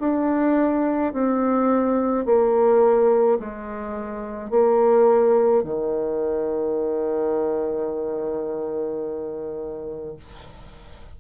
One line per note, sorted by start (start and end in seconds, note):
0.00 1.13 D4
1.13 2.26 C4
2.26 3.39 A#3
3.40 4.51 G#3
4.51 5.63 A#3
5.63 10.16 D#3